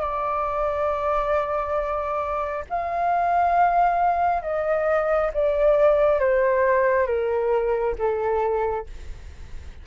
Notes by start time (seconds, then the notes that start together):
0.00 D5
2.69 F5
4.42 D#5
5.33 D5
6.19 C5
7.07 A#4
7.98 A4